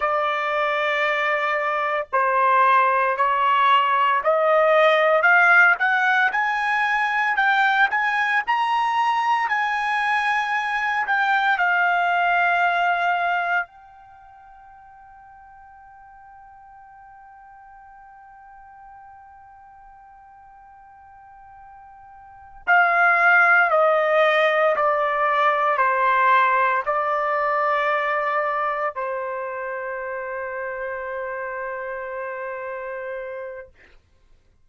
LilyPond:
\new Staff \with { instrumentName = "trumpet" } { \time 4/4 \tempo 4 = 57 d''2 c''4 cis''4 | dis''4 f''8 fis''8 gis''4 g''8 gis''8 | ais''4 gis''4. g''8 f''4~ | f''4 g''2.~ |
g''1~ | g''4. f''4 dis''4 d''8~ | d''8 c''4 d''2 c''8~ | c''1 | }